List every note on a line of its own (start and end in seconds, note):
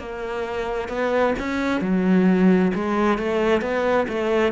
0.00 0.89 A#3
0.89 1.34 B3
1.39 1.81 C#4
1.81 2.72 F#3
2.75 3.19 G#3
3.19 3.62 A3
3.62 4.07 B3
4.08 4.52 A3